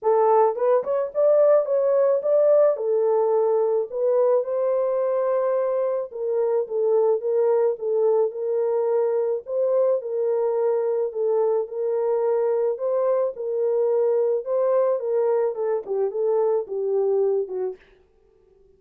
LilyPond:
\new Staff \with { instrumentName = "horn" } { \time 4/4 \tempo 4 = 108 a'4 b'8 cis''8 d''4 cis''4 | d''4 a'2 b'4 | c''2. ais'4 | a'4 ais'4 a'4 ais'4~ |
ais'4 c''4 ais'2 | a'4 ais'2 c''4 | ais'2 c''4 ais'4 | a'8 g'8 a'4 g'4. fis'8 | }